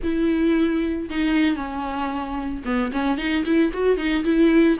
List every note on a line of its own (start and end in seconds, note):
0.03 1.09 E4
1.09 1.56 D#4
1.56 2.62 C#4
2.65 2.91 B3
2.92 3.17 C#4
3.17 3.44 D#4
3.45 3.71 E4
3.73 3.97 F#4
3.97 4.23 D#4
4.24 4.77 E4